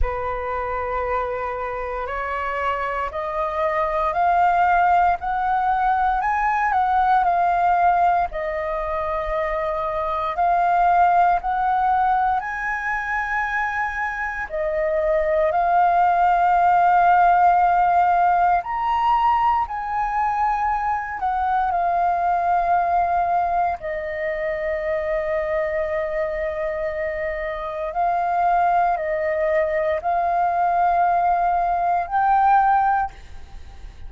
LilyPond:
\new Staff \with { instrumentName = "flute" } { \time 4/4 \tempo 4 = 58 b'2 cis''4 dis''4 | f''4 fis''4 gis''8 fis''8 f''4 | dis''2 f''4 fis''4 | gis''2 dis''4 f''4~ |
f''2 ais''4 gis''4~ | gis''8 fis''8 f''2 dis''4~ | dis''2. f''4 | dis''4 f''2 g''4 | }